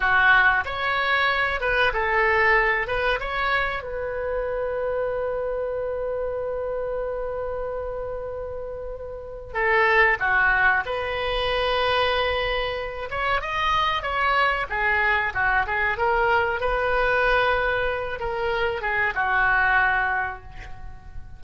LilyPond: \new Staff \with { instrumentName = "oboe" } { \time 4/4 \tempo 4 = 94 fis'4 cis''4. b'8 a'4~ | a'8 b'8 cis''4 b'2~ | b'1~ | b'2. a'4 |
fis'4 b'2.~ | b'8 cis''8 dis''4 cis''4 gis'4 | fis'8 gis'8 ais'4 b'2~ | b'8 ais'4 gis'8 fis'2 | }